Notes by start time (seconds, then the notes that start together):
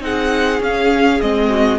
0.00 C4 D#4 G#4 F#5
0.60 C#4 F5
1.21 G#3 C4 D#5
1.50 F#4